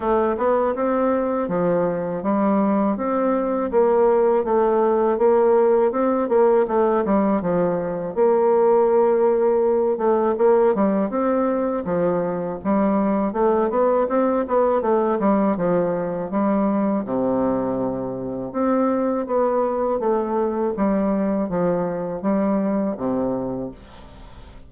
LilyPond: \new Staff \with { instrumentName = "bassoon" } { \time 4/4 \tempo 4 = 81 a8 b8 c'4 f4 g4 | c'4 ais4 a4 ais4 | c'8 ais8 a8 g8 f4 ais4~ | ais4. a8 ais8 g8 c'4 |
f4 g4 a8 b8 c'8 b8 | a8 g8 f4 g4 c4~ | c4 c'4 b4 a4 | g4 f4 g4 c4 | }